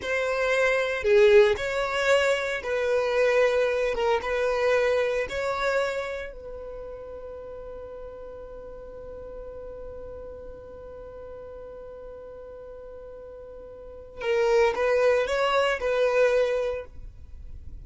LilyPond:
\new Staff \with { instrumentName = "violin" } { \time 4/4 \tempo 4 = 114 c''2 gis'4 cis''4~ | cis''4 b'2~ b'8 ais'8 | b'2 cis''2 | b'1~ |
b'1~ | b'1~ | b'2. ais'4 | b'4 cis''4 b'2 | }